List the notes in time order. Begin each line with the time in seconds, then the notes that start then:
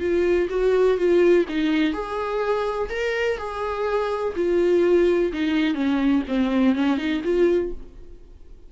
0.00 F4
0.49 F#4
0.97 F4
1.49 D#4
1.93 G#4
2.90 A#4
3.38 G#4
4.35 F4
5.33 D#4
5.74 C#4
6.28 C4
6.75 C#4
6.98 D#4
7.24 F4